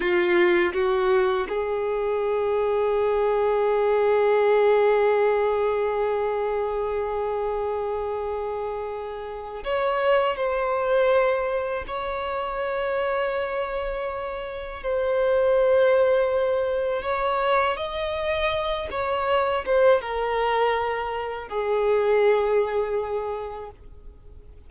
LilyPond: \new Staff \with { instrumentName = "violin" } { \time 4/4 \tempo 4 = 81 f'4 fis'4 gis'2~ | gis'1~ | gis'1~ | gis'4 cis''4 c''2 |
cis''1 | c''2. cis''4 | dis''4. cis''4 c''8 ais'4~ | ais'4 gis'2. | }